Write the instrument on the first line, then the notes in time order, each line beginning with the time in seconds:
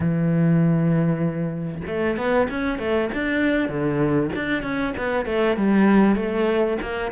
cello
0.00 E3
1.86 A3
2.16 B3
2.49 C#4
2.78 A3
3.13 D4
3.68 D3
4.35 D4
4.63 C#4
4.97 B3
5.25 A3
5.56 G3
6.15 A3
6.81 A#3